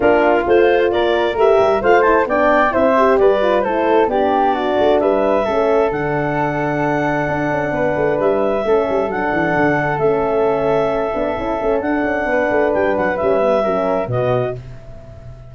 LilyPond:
<<
  \new Staff \with { instrumentName = "clarinet" } { \time 4/4 \tempo 4 = 132 ais'4 c''4 d''4 e''4 | f''8 a''8 g''4 e''4 d''4 | c''4 d''2 e''4~ | e''4 fis''2.~ |
fis''2 e''2 | fis''2 e''2~ | e''2 fis''2 | g''8 fis''8 e''2 dis''4 | }
  \new Staff \with { instrumentName = "flute" } { \time 4/4 f'2 ais'2 | c''4 d''4 c''4 b'4 | a'4 g'4 fis'4 b'4 | a'1~ |
a'4 b'2 a'4~ | a'1~ | a'2. b'4~ | b'2 ais'4 fis'4 | }
  \new Staff \with { instrumentName = "horn" } { \time 4/4 d'4 f'2 g'4 | f'8 e'8 d'4 e'8 g'4 f'8 | e'4 d'2. | cis'4 d'2.~ |
d'2. cis'4 | d'2 cis'2~ | cis'8 d'8 e'8 cis'8 d'2~ | d'4 cis'8 b8 cis'4 b4 | }
  \new Staff \with { instrumentName = "tuba" } { \time 4/4 ais4 a4 ais4 a8 g8 | a4 b4 c'4 g4 | a4 b4. a8 g4 | a4 d2. |
d'8 cis'8 b8 a8 g4 a8 g8 | fis8 e8 d4 a2~ | a8 b8 cis'8 a8 d'8 cis'8 b8 a8 | g8 fis8 g4 fis4 b,4 | }
>>